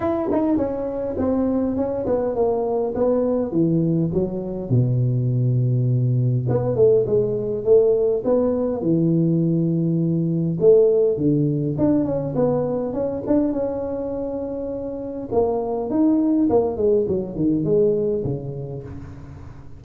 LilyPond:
\new Staff \with { instrumentName = "tuba" } { \time 4/4 \tempo 4 = 102 e'8 dis'8 cis'4 c'4 cis'8 b8 | ais4 b4 e4 fis4 | b,2. b8 a8 | gis4 a4 b4 e4~ |
e2 a4 d4 | d'8 cis'8 b4 cis'8 d'8 cis'4~ | cis'2 ais4 dis'4 | ais8 gis8 fis8 dis8 gis4 cis4 | }